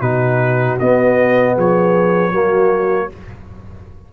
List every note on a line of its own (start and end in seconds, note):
0.00 0.78 B2
0.00 0.79 D#4
0.00 1.54 F#4
0.00 0.78 B4
0.79 2.32 B3
0.79 1.57 B3
0.79 1.56 D#5
1.55 2.32 F3
1.55 2.31 G#4
1.55 3.13 C#5
2.31 3.09 F#3
2.31 3.09 A#3
2.31 3.08 F#4